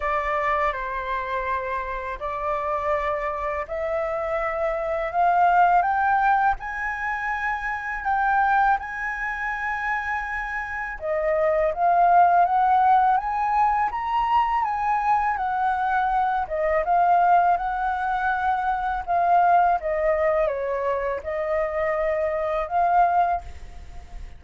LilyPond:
\new Staff \with { instrumentName = "flute" } { \time 4/4 \tempo 4 = 82 d''4 c''2 d''4~ | d''4 e''2 f''4 | g''4 gis''2 g''4 | gis''2. dis''4 |
f''4 fis''4 gis''4 ais''4 | gis''4 fis''4. dis''8 f''4 | fis''2 f''4 dis''4 | cis''4 dis''2 f''4 | }